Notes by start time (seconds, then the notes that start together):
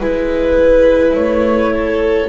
0.00 G#3 E4 B4
1.15 A3 C#5
1.73 A4